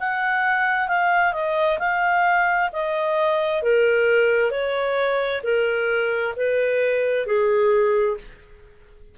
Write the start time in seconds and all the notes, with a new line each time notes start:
0.00 F#5
0.88 F5
1.33 D#5
1.79 F5
2.73 D#5
3.63 A#4
4.51 C#5
5.43 A#4
6.36 B4
7.27 G#4